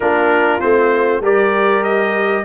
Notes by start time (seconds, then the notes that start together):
0.00 A#3 D4 F4 A#4
0.60 A3 C4 C5
1.21 G3 G4 A#4 D5
1.83 D#5